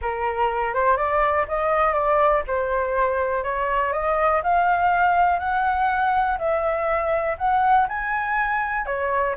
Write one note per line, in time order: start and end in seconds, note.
0.01 0.74 A#4
0.74 0.97 C5
0.97 1.46 D5
1.48 1.93 D#5
1.93 2.43 D5
2.47 3.43 C5
3.43 3.92 C#5
3.92 4.42 D#5
4.43 5.39 F5
5.39 6.37 F#5
6.38 7.36 E5
7.38 7.87 F#5
7.88 8.86 G#5
8.86 9.35 C#5